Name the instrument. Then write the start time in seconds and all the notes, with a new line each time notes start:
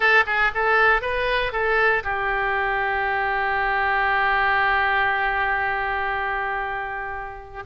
oboe
0.00 A4
0.26 G#4
0.54 A4
1.01 B4
1.52 A4
2.03 G4